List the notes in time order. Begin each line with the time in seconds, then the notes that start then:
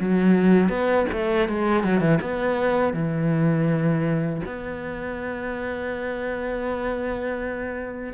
0.00 F#3
0.69 B3
1.12 A3
1.49 G#3
1.84 F#3
2.00 E3
2.21 B3
2.93 E3
4.46 B3